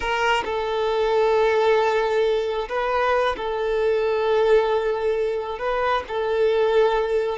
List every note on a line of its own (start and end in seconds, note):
0.00 0.43 A#4
0.44 2.68 A4
2.69 3.36 B4
3.36 5.58 A4
5.58 6.03 B4
6.08 7.38 A4